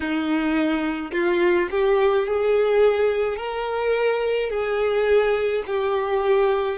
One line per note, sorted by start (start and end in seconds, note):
0.00 1.11 D#4
1.12 1.68 F4
1.70 2.26 G4
2.26 3.37 G#4
3.37 4.50 A#4
4.50 5.63 G#4
5.66 6.78 G4